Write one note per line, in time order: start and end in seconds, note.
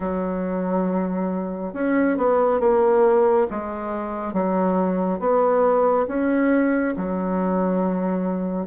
0.00 1.73 F#3
1.74 2.17 C#4
2.17 2.60 B3
2.60 3.47 A#3
3.50 4.33 G#3
4.33 5.19 F#3
5.19 6.06 B3
6.07 6.94 C#4
6.96 8.66 F#3